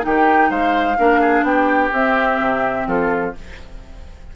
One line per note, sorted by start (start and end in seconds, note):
0.00 0.50 D#3
0.00 0.94 D#4
0.00 0.50 G4
0.00 0.50 G5
0.50 0.97 G#3
0.50 0.97 C5
0.50 1.44 F5
0.98 1.42 A#3
0.98 1.92 D4
0.98 1.20 A#4
1.20 1.44 G#4
1.42 1.89 B3
1.42 2.87 G4
1.42 1.91 G5
1.92 2.39 C4
1.92 3.35 C4
1.92 2.87 E5
2.39 2.86 C3
2.86 3.33 F3
2.86 3.34 F4
2.86 3.35 A4